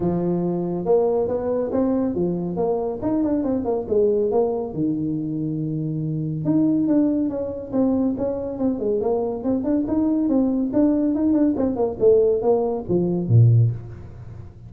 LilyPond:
\new Staff \with { instrumentName = "tuba" } { \time 4/4 \tempo 4 = 140 f2 ais4 b4 | c'4 f4 ais4 dis'8 d'8 | c'8 ais8 gis4 ais4 dis4~ | dis2. dis'4 |
d'4 cis'4 c'4 cis'4 | c'8 gis8 ais4 c'8 d'8 dis'4 | c'4 d'4 dis'8 d'8 c'8 ais8 | a4 ais4 f4 ais,4 | }